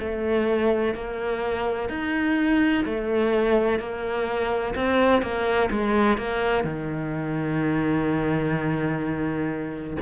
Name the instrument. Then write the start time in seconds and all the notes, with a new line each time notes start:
cello
0.00 A3
0.95 A#3
1.90 D#4
2.86 A3
3.79 A#3
4.76 C4
5.22 A#3
5.71 G#3
6.18 A#3
6.65 D#3